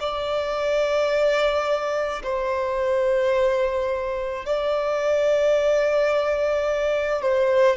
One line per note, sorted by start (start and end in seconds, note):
0.00 2.22 D5
2.23 4.45 C5
4.45 7.22 D5
7.22 7.76 C5